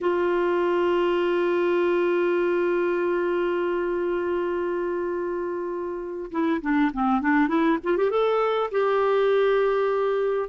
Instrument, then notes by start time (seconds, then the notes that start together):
clarinet
0.00 F4
6.31 E4
6.61 D4
6.93 C4
7.21 D4
7.48 E4
7.83 F4
7.97 G4
8.10 A4
8.71 G4